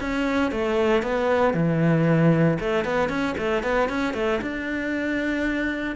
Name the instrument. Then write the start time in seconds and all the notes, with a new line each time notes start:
cello
0.00 C#4
0.51 A3
1.02 B3
1.53 E3
2.59 A3
2.84 B3
3.09 C#4
3.38 A3
3.63 B3
3.89 C#4
4.14 A3
4.41 D4